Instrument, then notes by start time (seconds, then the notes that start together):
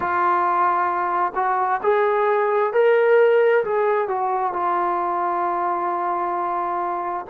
trombone
0.00 F4
1.35 F#4
1.83 G#4
2.73 A#4
3.64 G#4
4.07 F#4
4.52 F4